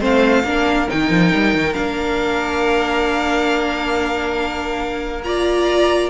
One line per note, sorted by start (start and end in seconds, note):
0.00 0.44 A3
0.00 0.43 C4
0.00 0.44 C5
0.00 0.90 F5
0.44 0.88 A#3
0.44 0.89 D4
0.44 5.26 A#4
0.89 1.10 D#3
0.89 1.75 D#4
0.89 1.74 G5
1.10 1.32 F3
1.35 1.55 G3
1.55 1.76 D#3
1.74 6.10 A#3
1.74 5.23 D4
1.74 5.22 F5
5.24 6.10 F4
5.24 6.10 D5
5.24 6.10 A#5